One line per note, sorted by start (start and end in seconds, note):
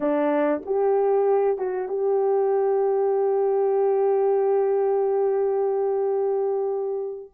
0.00 0.62 D4
0.65 1.58 G4
1.58 1.88 F#4
1.88 7.31 G4